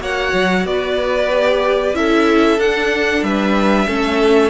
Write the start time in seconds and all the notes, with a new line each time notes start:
0.00 A#3 F#4 C#5 F#5
0.33 F#3
0.65 B3 B4 D5
1.30 G4
1.93 C#4 E4 A4 E5
2.58 D4 F#5
3.22 G3 B4 E5
3.87 A3 C#4 A4